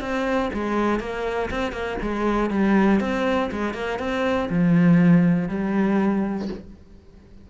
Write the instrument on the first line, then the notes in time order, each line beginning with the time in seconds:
cello
0.00 C4
0.53 G#3
1.00 A#3
1.50 C4
1.72 A#3
2.02 G#3
2.50 G3
3.00 C4
3.51 G#3
3.74 A#3
3.99 C4
4.49 F3
5.48 G3